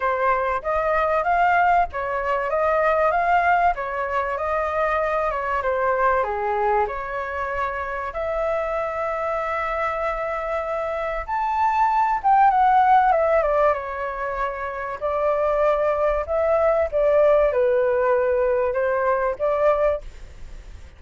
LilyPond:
\new Staff \with { instrumentName = "flute" } { \time 4/4 \tempo 4 = 96 c''4 dis''4 f''4 cis''4 | dis''4 f''4 cis''4 dis''4~ | dis''8 cis''8 c''4 gis'4 cis''4~ | cis''4 e''2.~ |
e''2 a''4. g''8 | fis''4 e''8 d''8 cis''2 | d''2 e''4 d''4 | b'2 c''4 d''4 | }